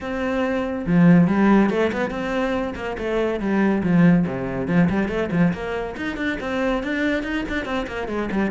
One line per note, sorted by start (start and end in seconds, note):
0.00 0.85 C4
0.86 1.27 F3
1.27 1.69 G3
1.69 1.91 A3
1.92 2.10 B3
2.10 2.74 C4
2.75 2.96 A#3
2.98 3.39 A3
3.39 3.82 G3
3.83 4.25 F3
4.26 4.67 C3
4.67 4.88 F3
4.89 5.08 G3
5.08 5.29 A3
5.31 5.52 F3
5.53 5.95 A#3
5.96 6.16 D#4
6.16 6.38 D4
6.40 6.83 C4
6.83 7.23 D4
7.23 7.44 D#4
7.49 7.65 D4
7.65 7.86 C4
7.87 8.07 A#3
8.07 8.29 G#3
8.31 8.51 G3